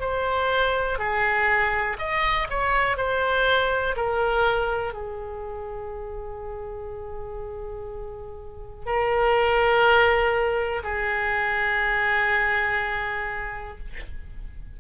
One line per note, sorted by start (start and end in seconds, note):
0.00 0.98 C5
0.98 1.97 G#4
1.99 2.48 D#5
2.50 2.97 C#5
2.97 3.95 C5
3.96 4.93 A#4
4.93 8.86 G#4
8.86 10.82 A#4
10.83 13.78 G#4